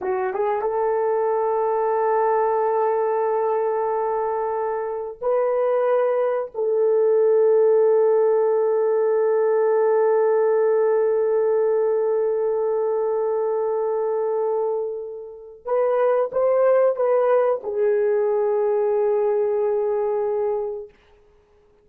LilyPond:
\new Staff \with { instrumentName = "horn" } { \time 4/4 \tempo 4 = 92 fis'8 gis'8 a'2.~ | a'1 | b'2 a'2~ | a'1~ |
a'1~ | a'1 | b'4 c''4 b'4 gis'4~ | gis'1 | }